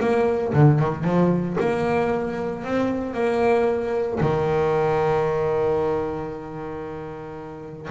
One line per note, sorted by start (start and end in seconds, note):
0.00 0.53 A#3
0.53 0.79 D3
0.79 1.04 D#3
1.04 1.56 F3
1.60 2.64 A#3
2.64 3.14 C4
3.14 4.19 A#3
4.20 7.89 D#3